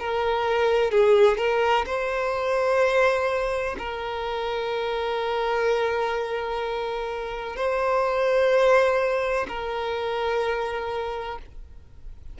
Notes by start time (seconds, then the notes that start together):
0.00 A#4
0.91 G#4
1.38 A#4
1.86 C5
3.79 A#4
7.56 C5
9.48 A#4